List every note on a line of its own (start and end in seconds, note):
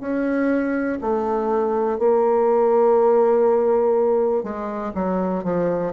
0.00 0.98 C#4
1.01 1.99 A3
1.99 4.43 A#3
4.43 4.92 G#3
4.94 5.43 F#3
5.43 5.92 F3